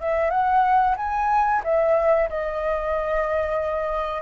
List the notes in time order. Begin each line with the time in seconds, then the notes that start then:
0.00 E5
0.30 F#5
0.96 G#5
1.63 E5
2.29 D#5